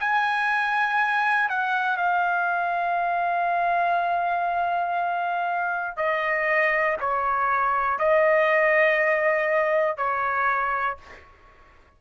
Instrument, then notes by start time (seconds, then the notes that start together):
trumpet
0.00 G#5
1.49 F#5
1.97 F5
5.97 D#5
7.00 C#5
7.99 D#5
9.97 C#5